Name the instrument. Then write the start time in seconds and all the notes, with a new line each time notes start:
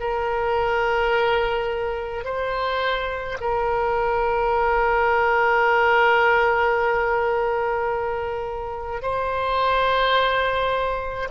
oboe
0.00 A#4
2.24 C5
3.41 A#4
9.02 C5